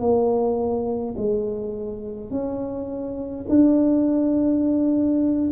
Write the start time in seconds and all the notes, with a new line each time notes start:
0.00 A#3
1.18 G#3
2.31 C#4
3.49 D4